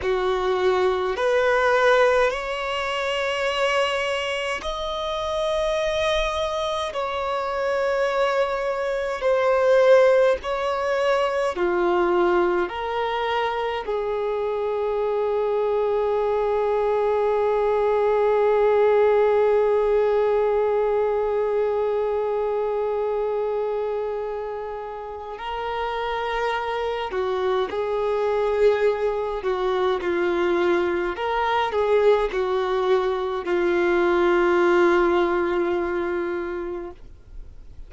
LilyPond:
\new Staff \with { instrumentName = "violin" } { \time 4/4 \tempo 4 = 52 fis'4 b'4 cis''2 | dis''2 cis''2 | c''4 cis''4 f'4 ais'4 | gis'1~ |
gis'1~ | gis'2 ais'4. fis'8 | gis'4. fis'8 f'4 ais'8 gis'8 | fis'4 f'2. | }